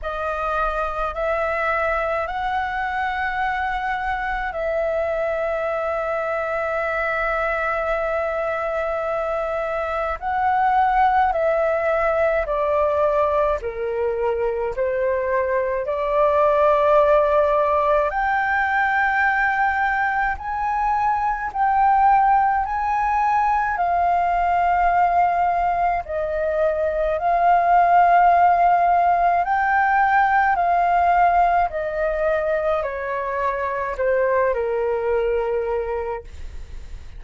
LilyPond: \new Staff \with { instrumentName = "flute" } { \time 4/4 \tempo 4 = 53 dis''4 e''4 fis''2 | e''1~ | e''4 fis''4 e''4 d''4 | ais'4 c''4 d''2 |
g''2 gis''4 g''4 | gis''4 f''2 dis''4 | f''2 g''4 f''4 | dis''4 cis''4 c''8 ais'4. | }